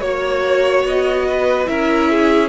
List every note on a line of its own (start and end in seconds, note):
0.00 0.84 A#3
0.00 1.65 F#4
0.00 0.83 C#5
0.00 1.27 C#5
0.84 1.67 B3
0.84 1.66 D#5
1.28 1.69 B4
1.65 2.48 C#4
1.65 2.48 E4
1.65 2.11 A#4
1.65 2.48 E5
2.11 2.48 G#4